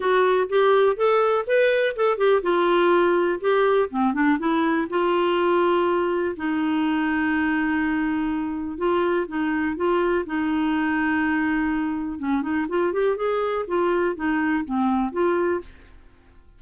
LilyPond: \new Staff \with { instrumentName = "clarinet" } { \time 4/4 \tempo 4 = 123 fis'4 g'4 a'4 b'4 | a'8 g'8 f'2 g'4 | c'8 d'8 e'4 f'2~ | f'4 dis'2.~ |
dis'2 f'4 dis'4 | f'4 dis'2.~ | dis'4 cis'8 dis'8 f'8 g'8 gis'4 | f'4 dis'4 c'4 f'4 | }